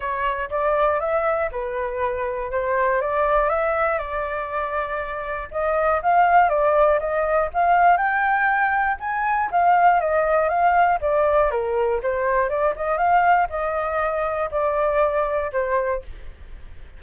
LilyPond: \new Staff \with { instrumentName = "flute" } { \time 4/4 \tempo 4 = 120 cis''4 d''4 e''4 b'4~ | b'4 c''4 d''4 e''4 | d''2. dis''4 | f''4 d''4 dis''4 f''4 |
g''2 gis''4 f''4 | dis''4 f''4 d''4 ais'4 | c''4 d''8 dis''8 f''4 dis''4~ | dis''4 d''2 c''4 | }